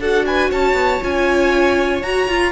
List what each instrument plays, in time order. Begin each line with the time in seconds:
0.00 cello D4, viola F#4, violin A4 F#5
0.26 violin B4 G#5
0.51 cello C#4, violin C#5 A5
0.73 cello B3
1.02 cello C#4, viola F4, violin G#5
2.03 cello F#4, viola F#4, violin A#5
2.29 cello F4, viola F4